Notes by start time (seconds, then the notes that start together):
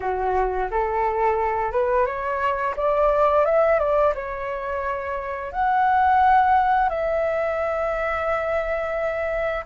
0.00 F#4
0.71 A4
1.71 B4
2.06 C#5
2.76 D5
3.45 E5
3.79 D5
4.14 C#5
5.52 F#5
6.89 E5